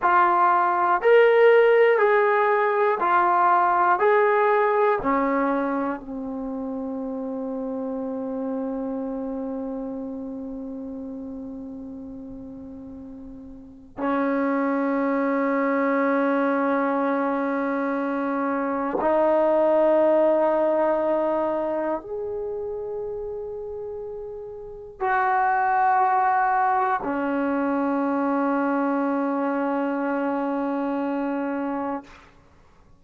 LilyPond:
\new Staff \with { instrumentName = "trombone" } { \time 4/4 \tempo 4 = 60 f'4 ais'4 gis'4 f'4 | gis'4 cis'4 c'2~ | c'1~ | c'2 cis'2~ |
cis'2. dis'4~ | dis'2 gis'2~ | gis'4 fis'2 cis'4~ | cis'1 | }